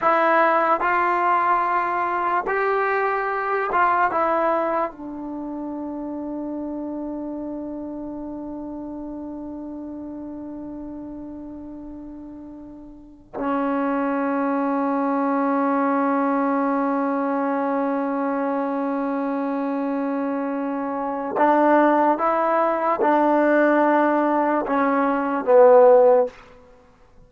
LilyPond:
\new Staff \with { instrumentName = "trombone" } { \time 4/4 \tempo 4 = 73 e'4 f'2 g'4~ | g'8 f'8 e'4 d'2~ | d'1~ | d'1~ |
d'16 cis'2.~ cis'8.~ | cis'1~ | cis'2 d'4 e'4 | d'2 cis'4 b4 | }